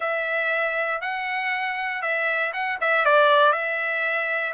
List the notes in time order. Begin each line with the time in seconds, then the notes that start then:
0.00 E5
1.01 F#5
2.01 E5
2.53 F#5
2.80 E5
3.05 D5
3.52 E5